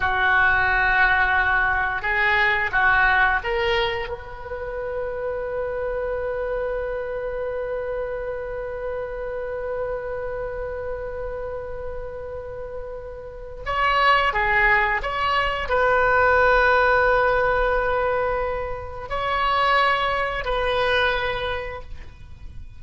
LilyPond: \new Staff \with { instrumentName = "oboe" } { \time 4/4 \tempo 4 = 88 fis'2. gis'4 | fis'4 ais'4 b'2~ | b'1~ | b'1~ |
b'1 | cis''4 gis'4 cis''4 b'4~ | b'1 | cis''2 b'2 | }